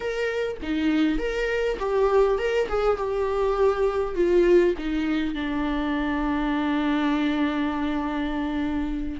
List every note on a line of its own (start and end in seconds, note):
0.00 0.57 A#4
0.62 1.18 D#4
1.18 1.77 A#4
1.79 2.38 G4
2.38 2.68 A#4
2.68 2.97 G#4
2.97 4.15 G4
4.15 4.74 F4
4.78 5.34 D#4
5.34 9.20 D4